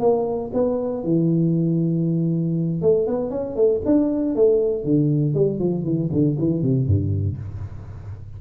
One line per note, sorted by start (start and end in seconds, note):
0.00 0.51 A#3
0.54 1.04 B3
1.04 2.82 E3
2.82 3.07 A3
3.07 3.31 B3
3.31 3.56 C#4
3.56 3.81 A3
3.86 4.35 D4
4.35 4.84 A3
4.84 5.34 D3
5.34 5.59 G3
5.59 5.84 F3
5.84 6.10 E3
6.12 6.38 D3
6.39 6.62 E3
6.62 6.87 C3
6.87 7.38 G2